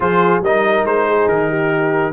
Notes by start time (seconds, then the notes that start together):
0.00 F3 F4 G#4 C5
0.41 G3 D#4 A#4 D#5
0.84 G#3 C5
1.07 G#4
1.28 D#3 A#4
1.47 G4